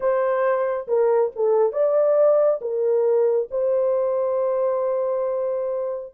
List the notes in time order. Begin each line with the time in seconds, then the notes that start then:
0.00 C5
0.87 A#4
1.35 A4
1.72 D5
2.61 A#4
3.50 C5